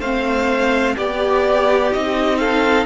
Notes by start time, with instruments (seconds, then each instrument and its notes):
0.00 cello A3, viola C4, violin C5 F5
0.96 cello B3, violin G4 D5, viola G4
1.92 cello C4, viola D#4, violin D#5
2.38 violin A4 F5